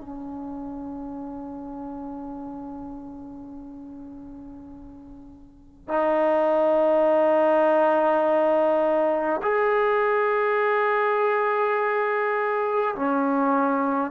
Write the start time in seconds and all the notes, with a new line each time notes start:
0.00 C#4
5.88 D#4
9.42 G#4
12.95 C#4